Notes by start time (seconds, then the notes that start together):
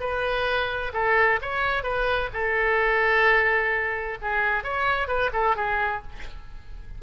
0.00 B4
0.93 A4
1.41 C#5
1.83 B4
2.33 A4
4.21 G#4
4.64 C#5
5.07 B4
5.33 A4
5.56 G#4